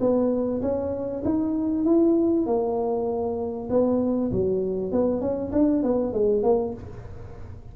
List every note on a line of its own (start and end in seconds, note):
0.00 0.61 B3
0.62 1.23 C#4
1.25 1.85 D#4
1.85 2.46 E4
2.46 3.68 A#3
3.70 4.31 B3
4.32 4.92 F#3
4.92 5.21 B3
5.21 5.52 C#4
5.52 5.83 D4
5.83 6.13 B3
6.13 6.43 G#3
6.43 6.74 A#3